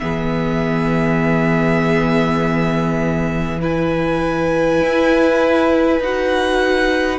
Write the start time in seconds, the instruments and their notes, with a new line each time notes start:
0.00 cello E3, viola B3, violin G#4 E5
3.61 viola E4, violin B4 G#5
4.82 cello E4
6.00 cello D#4, viola F#4, violin F#5